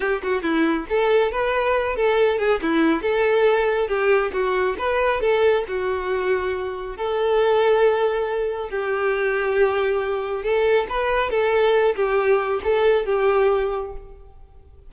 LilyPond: \new Staff \with { instrumentName = "violin" } { \time 4/4 \tempo 4 = 138 g'8 fis'8 e'4 a'4 b'4~ | b'8 a'4 gis'8 e'4 a'4~ | a'4 g'4 fis'4 b'4 | a'4 fis'2. |
a'1 | g'1 | a'4 b'4 a'4. g'8~ | g'4 a'4 g'2 | }